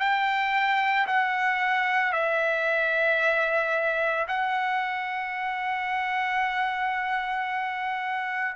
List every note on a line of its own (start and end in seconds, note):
0.00 1.07 G5
1.07 2.13 F#5
2.13 4.27 E5
4.29 8.56 F#5